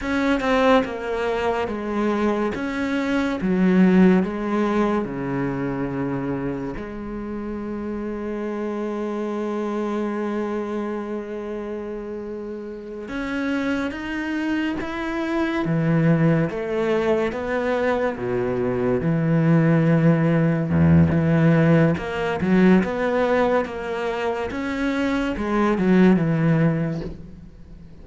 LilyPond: \new Staff \with { instrumentName = "cello" } { \time 4/4 \tempo 4 = 71 cis'8 c'8 ais4 gis4 cis'4 | fis4 gis4 cis2 | gis1~ | gis2.~ gis8 cis'8~ |
cis'8 dis'4 e'4 e4 a8~ | a8 b4 b,4 e4.~ | e8 e,8 e4 ais8 fis8 b4 | ais4 cis'4 gis8 fis8 e4 | }